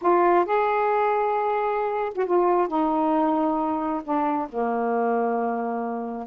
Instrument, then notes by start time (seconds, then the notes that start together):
saxophone
0.01 F4
0.45 G#4
2.15 F#4
2.26 F4
2.67 D#4
4.03 D4
4.49 A#3